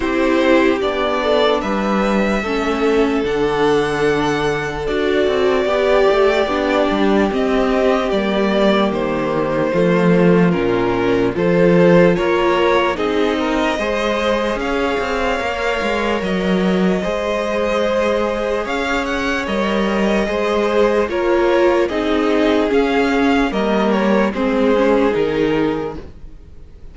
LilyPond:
<<
  \new Staff \with { instrumentName = "violin" } { \time 4/4 \tempo 4 = 74 c''4 d''4 e''2 | fis''2 d''2~ | d''4 dis''4 d''4 c''4~ | c''4 ais'4 c''4 cis''4 |
dis''2 f''2 | dis''2. f''8 fis''8 | dis''2 cis''4 dis''4 | f''4 dis''8 cis''8 c''4 ais'4 | }
  \new Staff \with { instrumentName = "violin" } { \time 4/4 g'4. a'8 b'4 a'4~ | a'2. g'4~ | g'1 | f'2 a'4 ais'4 |
gis'8 ais'8 c''4 cis''2~ | cis''4 c''2 cis''4~ | cis''4 c''4 ais'4 gis'4~ | gis'4 ais'4 gis'2 | }
  \new Staff \with { instrumentName = "viola" } { \time 4/4 e'4 d'2 cis'4 | d'2 fis'4 g'4 | d'4 c'4 ais2 | a4 cis'4 f'2 |
dis'4 gis'2 ais'4~ | ais'4 gis'2. | ais'4 gis'4 f'4 dis'4 | cis'4 ais4 c'8 cis'8 dis'4 | }
  \new Staff \with { instrumentName = "cello" } { \time 4/4 c'4 b4 g4 a4 | d2 d'8 c'8 b8 a8 | b8 g8 c'4 g4 dis4 | f4 ais,4 f4 ais4 |
c'4 gis4 cis'8 c'8 ais8 gis8 | fis4 gis2 cis'4 | g4 gis4 ais4 c'4 | cis'4 g4 gis4 dis4 | }
>>